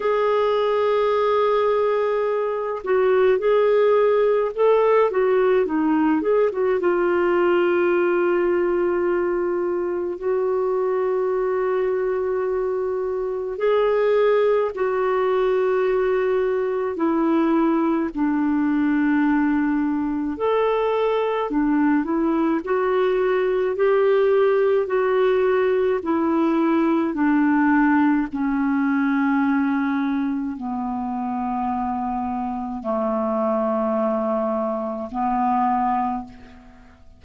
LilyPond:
\new Staff \with { instrumentName = "clarinet" } { \time 4/4 \tempo 4 = 53 gis'2~ gis'8 fis'8 gis'4 | a'8 fis'8 dis'8 gis'16 fis'16 f'2~ | f'4 fis'2. | gis'4 fis'2 e'4 |
d'2 a'4 d'8 e'8 | fis'4 g'4 fis'4 e'4 | d'4 cis'2 b4~ | b4 a2 b4 | }